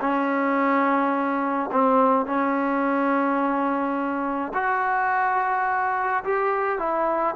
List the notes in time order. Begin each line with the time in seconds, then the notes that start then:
0.00 C#4
1.72 C4
2.26 C#4
4.54 F#4
6.24 G4
6.78 E4